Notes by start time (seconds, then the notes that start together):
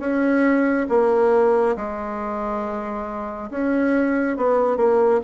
0.00 C#4
0.90 A#3
1.77 G#3
3.51 C#4
4.37 B3
4.77 A#3